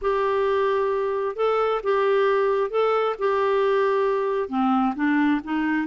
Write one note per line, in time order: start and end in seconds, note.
0.01 1.36 G4
1.36 1.81 A4
1.83 2.70 G4
2.70 3.15 A4
3.18 4.48 G4
4.48 4.93 C4
4.95 5.41 D4
5.43 5.87 D#4